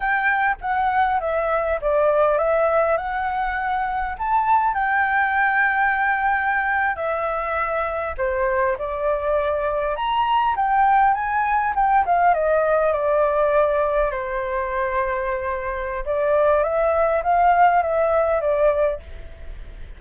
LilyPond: \new Staff \with { instrumentName = "flute" } { \time 4/4 \tempo 4 = 101 g''4 fis''4 e''4 d''4 | e''4 fis''2 a''4 | g''2.~ g''8. e''16~ | e''4.~ e''16 c''4 d''4~ d''16~ |
d''8. ais''4 g''4 gis''4 g''16~ | g''16 f''8 dis''4 d''2 c''16~ | c''2. d''4 | e''4 f''4 e''4 d''4 | }